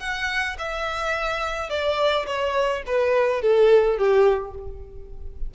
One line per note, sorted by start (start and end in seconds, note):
0.00 0.57 F#5
0.59 1.70 E5
1.70 2.26 D5
2.27 2.83 C#5
2.87 3.42 B4
3.42 3.98 A4
3.98 4.55 G4